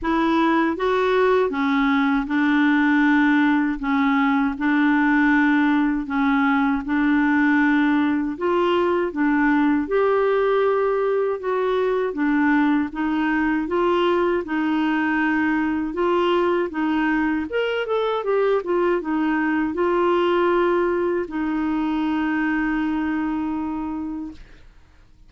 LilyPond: \new Staff \with { instrumentName = "clarinet" } { \time 4/4 \tempo 4 = 79 e'4 fis'4 cis'4 d'4~ | d'4 cis'4 d'2 | cis'4 d'2 f'4 | d'4 g'2 fis'4 |
d'4 dis'4 f'4 dis'4~ | dis'4 f'4 dis'4 ais'8 a'8 | g'8 f'8 dis'4 f'2 | dis'1 | }